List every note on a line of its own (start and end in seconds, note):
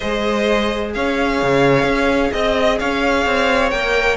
0.00 0.95 G#3
0.00 3.72 G#4
0.00 0.93 C5
0.00 0.90 D#5
0.94 1.42 C#4
0.94 2.33 C#5
0.94 2.32 F5
1.42 1.83 C#3
1.83 2.29 C#4
2.32 2.80 C4
2.32 2.78 D#5
2.32 2.79 D#5
2.78 3.25 C#4
2.78 4.17 C#5
2.78 3.70 F5
3.25 3.72 C4
3.70 4.17 A#3
3.70 4.17 A#4
3.70 4.16 G5